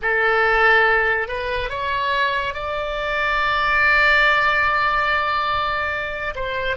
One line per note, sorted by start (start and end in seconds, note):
0.02 1.28 A4
1.28 1.69 B4
1.69 2.54 C#5
2.54 6.34 D5
6.35 6.76 C5